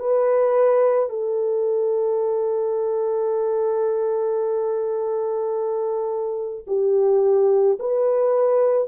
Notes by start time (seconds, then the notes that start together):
0.00 B4
1.10 A4
6.67 G4
7.80 B4